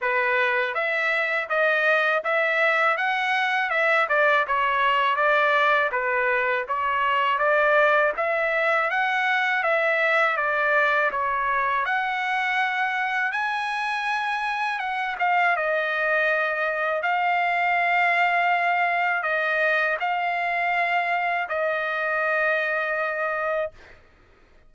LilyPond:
\new Staff \with { instrumentName = "trumpet" } { \time 4/4 \tempo 4 = 81 b'4 e''4 dis''4 e''4 | fis''4 e''8 d''8 cis''4 d''4 | b'4 cis''4 d''4 e''4 | fis''4 e''4 d''4 cis''4 |
fis''2 gis''2 | fis''8 f''8 dis''2 f''4~ | f''2 dis''4 f''4~ | f''4 dis''2. | }